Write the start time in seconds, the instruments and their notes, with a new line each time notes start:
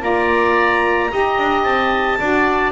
0.00 double bass A#3, saxophone F4, oboe D5, clarinet A#5
1.10 double bass D#4, saxophone G4, oboe D#5
1.38 double bass D4
1.64 double bass C4, clarinet A5
2.19 double bass D4, saxophone F#4, oboe D5